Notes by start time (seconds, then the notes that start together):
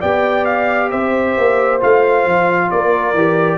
0.00 B3 G4 D5 G5
0.46 F5
0.91 C4 C5 E5
1.38 A#3
1.81 A3 F4 F5
2.26 F3
2.71 A#3 A#4 D5
3.14 E3 G4